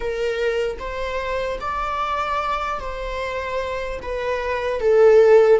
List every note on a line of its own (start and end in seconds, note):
0.00 0.77 A#4
0.79 1.59 C5
1.60 2.80 D5
2.80 4.00 C5
4.01 4.80 B4
4.80 5.60 A4